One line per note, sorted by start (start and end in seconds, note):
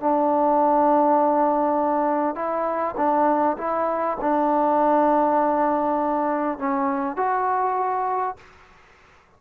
0.00 2.35 D4
2.35 2.95 E4
2.97 3.57 D4
3.58 4.18 E4
4.21 6.58 D4
6.58 7.16 C#4
7.16 8.36 F#4